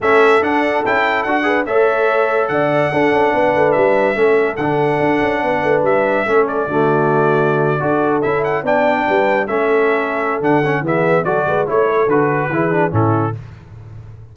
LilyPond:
<<
  \new Staff \with { instrumentName = "trumpet" } { \time 4/4 \tempo 4 = 144 e''4 fis''4 g''4 fis''4 | e''2 fis''2~ | fis''4 e''2 fis''4~ | fis''2 e''4. d''8~ |
d''2.~ d''8. e''16~ | e''16 fis''8 g''2 e''4~ e''16~ | e''4 fis''4 e''4 d''4 | cis''4 b'2 a'4 | }
  \new Staff \with { instrumentName = "horn" } { \time 4/4 a'2.~ a'8 b'8 | cis''2 d''4 a'4 | b'2 a'2~ | a'4 b'2 a'4 |
fis'2~ fis'8. a'4~ a'16~ | a'8. d''4 b'4 a'4~ a'16~ | a'2 gis'4 a'8 b'8 | cis''8 a'4. gis'4 e'4 | }
  \new Staff \with { instrumentName = "trombone" } { \time 4/4 cis'4 d'4 e'4 fis'8 gis'8 | a'2. d'4~ | d'2 cis'4 d'4~ | d'2. cis'4 |
a2~ a8. fis'4 e'16~ | e'8. d'2 cis'4~ cis'16~ | cis'4 d'8 cis'8 b4 fis'4 | e'4 fis'4 e'8 d'8 cis'4 | }
  \new Staff \with { instrumentName = "tuba" } { \time 4/4 a4 d'4 cis'4 d'4 | a2 d4 d'8 cis'8 | b8 a8 g4 a4 d4 | d'8 cis'8 b8 a8 g4 a4 |
d2~ d8. d'4 cis'16~ | cis'8. b4 g4 a4~ a16~ | a4 d4 e4 fis8 gis8 | a4 d4 e4 a,4 | }
>>